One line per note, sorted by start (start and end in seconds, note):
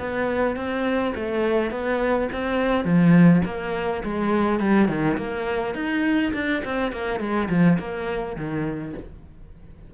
0.00 0.57 B3
0.57 1.14 C4
1.16 1.72 A3
1.72 2.29 B3
2.33 2.85 C4
2.85 3.43 F3
3.46 4.03 A#3
4.04 4.60 G#3
4.60 4.89 G3
4.89 5.17 D#3
5.18 5.75 A#3
5.75 6.33 D#4
6.34 6.63 D4
6.65 6.93 C4
6.93 7.20 A#3
7.20 7.49 G#3
7.50 7.79 F3
7.79 8.37 A#3
8.37 8.94 D#3